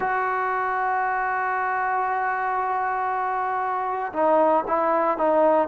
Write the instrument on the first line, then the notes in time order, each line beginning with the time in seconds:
trombone
0.00 F#4
4.12 D#4
4.67 E4
5.17 D#4